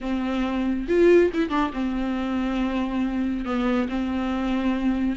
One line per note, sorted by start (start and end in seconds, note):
0.00 0.87 C4
0.88 1.31 F4
1.33 1.49 E4
1.49 1.71 D4
1.73 3.45 C4
3.45 3.88 B3
3.88 5.16 C4